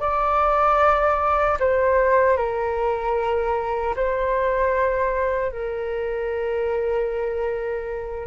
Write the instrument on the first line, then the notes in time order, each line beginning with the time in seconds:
flute
0.00 D5
1.60 C5
2.37 A#4
3.96 C5
5.52 A#4